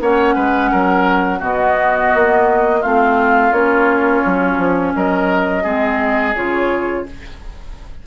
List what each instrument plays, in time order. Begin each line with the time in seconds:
0.00 bassoon A#3, clarinet C#4, oboe C#5, flute F#5
0.35 bassoon G#3, oboe B4
0.71 bassoon F#3, oboe A#4
1.39 bassoon B2, clarinet B3, oboe F#4, flute D#5
2.14 bassoon A#3
2.80 bassoon A3, clarinet C4, oboe F4, flute F5
3.52 bassoon A#3, clarinet C#4, flute C#5
4.25 bassoon F#3
4.58 bassoon F3
4.94 bassoon F#3, oboe A#4, flute D#5
5.63 bassoon G#3, clarinet C4, oboe G#4
6.35 bassoon C#3, clarinet F4, flute C#5